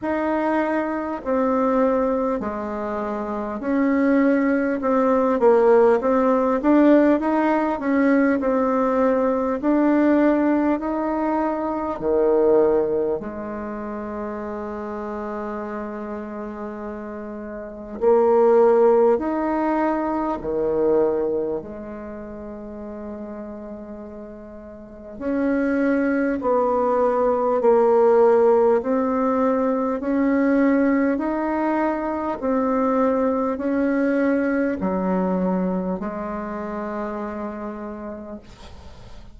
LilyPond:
\new Staff \with { instrumentName = "bassoon" } { \time 4/4 \tempo 4 = 50 dis'4 c'4 gis4 cis'4 | c'8 ais8 c'8 d'8 dis'8 cis'8 c'4 | d'4 dis'4 dis4 gis4~ | gis2. ais4 |
dis'4 dis4 gis2~ | gis4 cis'4 b4 ais4 | c'4 cis'4 dis'4 c'4 | cis'4 fis4 gis2 | }